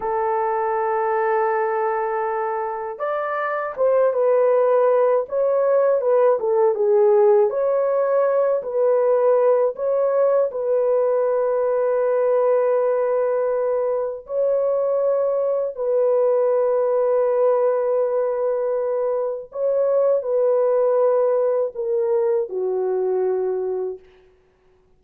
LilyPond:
\new Staff \with { instrumentName = "horn" } { \time 4/4 \tempo 4 = 80 a'1 | d''4 c''8 b'4. cis''4 | b'8 a'8 gis'4 cis''4. b'8~ | b'4 cis''4 b'2~ |
b'2. cis''4~ | cis''4 b'2.~ | b'2 cis''4 b'4~ | b'4 ais'4 fis'2 | }